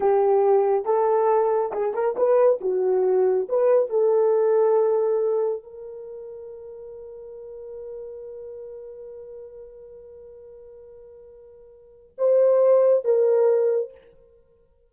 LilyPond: \new Staff \with { instrumentName = "horn" } { \time 4/4 \tempo 4 = 138 g'2 a'2 | gis'8 ais'8 b'4 fis'2 | b'4 a'2.~ | a'4 ais'2.~ |
ais'1~ | ais'1~ | ais'1 | c''2 ais'2 | }